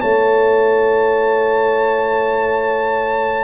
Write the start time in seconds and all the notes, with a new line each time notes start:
0.00 A3 E4 C#5 A5